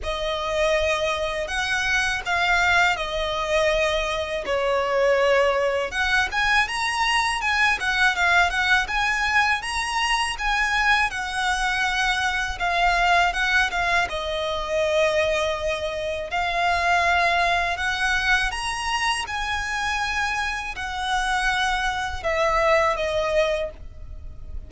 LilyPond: \new Staff \with { instrumentName = "violin" } { \time 4/4 \tempo 4 = 81 dis''2 fis''4 f''4 | dis''2 cis''2 | fis''8 gis''8 ais''4 gis''8 fis''8 f''8 fis''8 | gis''4 ais''4 gis''4 fis''4~ |
fis''4 f''4 fis''8 f''8 dis''4~ | dis''2 f''2 | fis''4 ais''4 gis''2 | fis''2 e''4 dis''4 | }